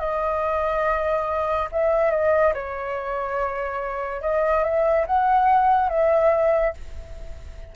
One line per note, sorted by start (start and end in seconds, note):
0.00 1.69 D#5
1.72 2.11 E5
2.11 2.54 D#5
2.54 4.22 C#5
4.22 4.64 D#5
4.64 5.06 E5
5.07 5.90 F#5
5.90 6.74 E5